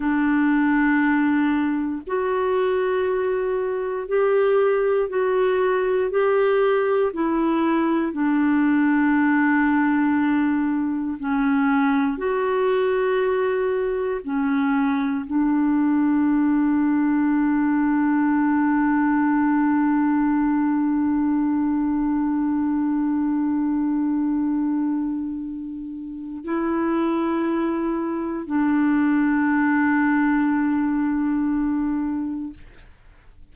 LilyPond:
\new Staff \with { instrumentName = "clarinet" } { \time 4/4 \tempo 4 = 59 d'2 fis'2 | g'4 fis'4 g'4 e'4 | d'2. cis'4 | fis'2 cis'4 d'4~ |
d'1~ | d'1~ | d'2 e'2 | d'1 | }